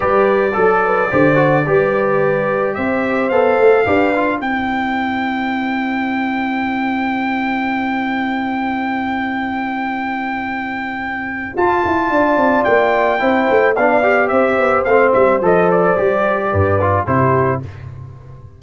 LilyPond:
<<
  \new Staff \with { instrumentName = "trumpet" } { \time 4/4 \tempo 4 = 109 d''1~ | d''4 e''4 f''2 | g''1~ | g''1~ |
g''1~ | g''4 a''2 g''4~ | g''4 f''4 e''4 f''8 e''8 | dis''8 d''2~ d''8 c''4 | }
  \new Staff \with { instrumentName = "horn" } { \time 4/4 b'4 a'8 b'8 c''4 b'4~ | b'4 c''2 b'4 | c''1~ | c''1~ |
c''1~ | c''2 d''2 | c''4 d''4 c''2~ | c''2 b'4 g'4 | }
  \new Staff \with { instrumentName = "trombone" } { \time 4/4 g'4 a'4 g'8 fis'8 g'4~ | g'2 a'4 g'8 f'8 | e'1~ | e'1~ |
e'1~ | e'4 f'2. | e'4 d'8 g'4. c'4 | a'4 g'4. f'8 e'4 | }
  \new Staff \with { instrumentName = "tuba" } { \time 4/4 g4 fis4 d4 g4~ | g4 c'4 b8 a8 d'4 | c'1~ | c'1~ |
c'1~ | c'4 f'8 e'8 d'8 c'8 ais4 | c'8 a8 b4 c'8 b8 a8 g8 | f4 g4 g,4 c4 | }
>>